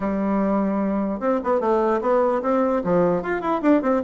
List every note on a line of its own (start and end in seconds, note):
0.00 1.20 G3
1.20 1.40 C4
1.43 1.60 B3
1.60 2.00 A3
2.01 2.41 B3
2.42 2.82 C4
2.84 3.22 F3
3.22 3.41 F4
3.41 3.61 E4
3.62 3.82 D4
3.82 4.02 C4